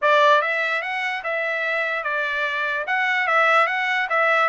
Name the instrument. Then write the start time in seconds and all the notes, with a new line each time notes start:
trumpet
0.01 D5
0.41 E5
0.82 F#5
1.23 E5
2.03 D5
2.86 F#5
3.27 E5
3.66 F#5
4.09 E5